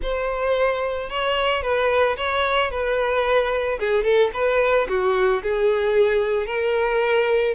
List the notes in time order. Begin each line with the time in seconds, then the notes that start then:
0.02 C5
1.09 C#5
1.62 B4
2.16 C#5
2.70 B4
3.79 G#4
4.03 A4
4.33 B4
4.88 F#4
5.42 G#4
6.46 A#4